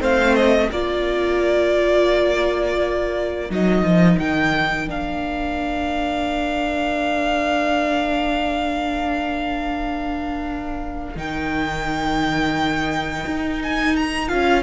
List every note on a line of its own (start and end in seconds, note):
0.00 0.70 A3
0.00 0.70 C4
0.00 0.70 C5
0.00 0.35 F5
0.35 0.70 D#5
0.70 3.49 A#3
0.70 3.49 F4
0.70 14.62 A#4
0.70 3.51 D5
3.49 3.83 F#3
3.49 4.87 D#4
3.49 4.19 D#5
3.83 4.18 F3
4.19 4.89 D#3
4.19 4.89 G5
4.87 11.16 A#3
4.87 11.15 D4
4.87 11.18 F5
11.16 13.25 D#3
11.16 14.28 D#4
11.16 13.62 G5
13.26 14.31 D#4
13.62 13.96 G#5
13.96 14.28 A#5
14.28 14.62 C#4
14.28 14.62 F4
14.28 14.62 F5